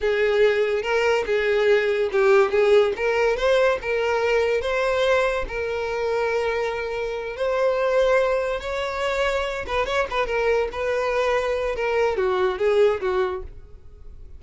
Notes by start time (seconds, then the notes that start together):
0.01 G#4
0.82 A#4
1.26 G#4
2.12 G4
2.51 G#4
2.96 A#4
3.36 C5
3.81 A#4
4.61 C5
5.48 A#4
7.36 C5
8.60 C#5
9.66 B4
9.86 C#5
10.10 B4
10.26 A#4
10.71 B4
11.75 A#4
12.17 F#4
12.58 G#4
13.01 F#4